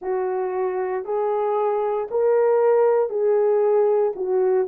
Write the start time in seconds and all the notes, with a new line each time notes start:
0.01 F#4
1.04 G#4
2.10 A#4
3.09 G#4
4.15 F#4